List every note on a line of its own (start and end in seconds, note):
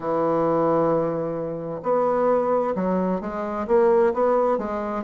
0.00 1.80 E3
1.82 2.74 B3
2.75 3.20 F#3
3.20 3.66 G#3
3.67 4.13 A#3
4.13 4.58 B3
4.58 5.03 G#3